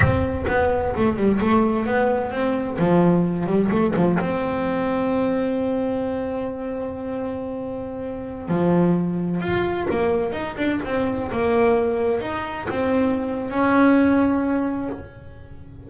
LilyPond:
\new Staff \with { instrumentName = "double bass" } { \time 4/4 \tempo 4 = 129 c'4 b4 a8 g8 a4 | b4 c'4 f4. g8 | a8 f8 c'2.~ | c'1~ |
c'2~ c'16 f4.~ f16~ | f16 f'4 ais4 dis'8 d'8 c'8.~ | c'16 ais2 dis'4 c'8.~ | c'4 cis'2. | }